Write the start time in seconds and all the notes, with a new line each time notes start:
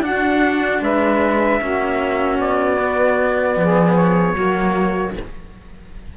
0.00 D4 F#4 F#5
0.81 G#3 B4 E5
1.61 A#3 C#4 F#4
2.39 B3 D5
2.77 B3
3.56 F3 G#4
3.95 C#5
4.34 F#3 A#3 F#4